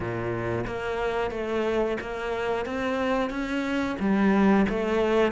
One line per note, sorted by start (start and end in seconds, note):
0.00 0.65 A#2
0.67 1.31 A#3
1.31 1.97 A3
2.00 2.65 A#3
2.65 3.29 C4
3.29 3.96 C#4
3.99 4.66 G3
4.69 5.32 A3